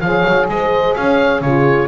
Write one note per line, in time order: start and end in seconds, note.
0.00 0.24 F3
0.00 1.44 G#4
0.00 0.50 C#5
0.00 0.47 F5
0.27 0.48 F#3
0.48 0.95 G#3
0.48 0.97 C5
0.48 0.95 D#5
0.95 1.41 C#4
0.95 1.42 C#5
0.95 1.41 F5
1.41 1.87 C#3
1.41 1.87 F4
1.41 1.87 G#4
1.41 1.87 C#5